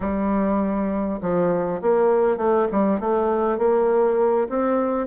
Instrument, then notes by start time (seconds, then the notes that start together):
bassoon
0.00 G3
1.21 F3
1.81 A#3
2.37 A3
2.71 G3
2.99 A3
3.58 A#3
4.49 C4